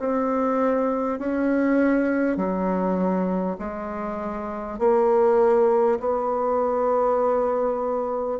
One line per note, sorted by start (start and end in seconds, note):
0.00 1.19 C4
1.19 2.37 C#4
2.37 3.57 F#3
3.59 4.79 G#3
4.79 5.99 A#3
6.00 8.40 B3